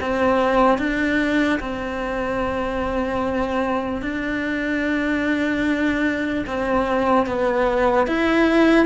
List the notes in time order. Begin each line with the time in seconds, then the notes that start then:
0.00 C4
0.78 D4
1.60 C4
4.01 D4
6.46 C4
7.26 B3
8.06 E4